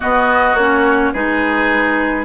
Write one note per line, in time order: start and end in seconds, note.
0.00 0.56 B3
0.00 0.54 B3
0.00 1.12 F#4
0.00 0.55 D#5
0.54 1.11 A#3
0.54 1.14 C#4
0.54 1.12 C#5
1.12 2.24 G#3
1.12 2.24 D#4
1.12 2.24 G#4
1.12 2.24 B4